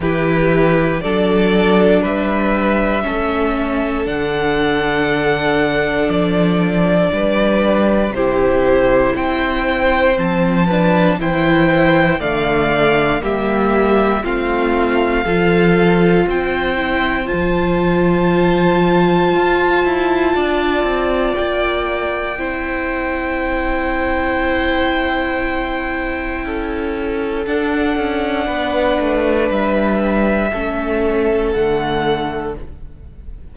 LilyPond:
<<
  \new Staff \with { instrumentName = "violin" } { \time 4/4 \tempo 4 = 59 b'4 d''4 e''2 | fis''2 d''2 | c''4 g''4 a''4 g''4 | f''4 e''4 f''2 |
g''4 a''2.~ | a''4 g''2.~ | g''2. fis''4~ | fis''4 e''2 fis''4 | }
  \new Staff \with { instrumentName = "violin" } { \time 4/4 g'4 a'4 b'4 a'4~ | a'2. b'4 | g'4 c''4. b'8 c''4 | d''4 g'4 f'4 a'4 |
c''1 | d''2 c''2~ | c''2 a'2 | b'2 a'2 | }
  \new Staff \with { instrumentName = "viola" } { \time 4/4 e'4 d'2 cis'4 | d'1 | e'2 c'8 d'8 e'4 | a4 ais4 c'4 f'4~ |
f'8 e'8 f'2.~ | f'2 e'2~ | e'2. d'4~ | d'2 cis'4 a4 | }
  \new Staff \with { instrumentName = "cello" } { \time 4/4 e4 fis4 g4 a4 | d2 f4 g4 | c4 c'4 f4 e4 | d4 g4 a4 f4 |
c'4 f2 f'8 e'8 | d'8 c'8 ais4 c'2~ | c'2 cis'4 d'8 cis'8 | b8 a8 g4 a4 d4 | }
>>